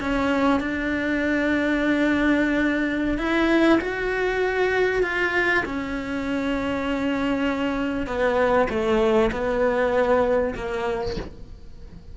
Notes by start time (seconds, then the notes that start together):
0.00 C#4
0.60 D4
3.18 E4
3.81 F#4
5.03 F4
5.65 C#4
8.07 B3
8.69 A3
9.32 B3
10.55 A#3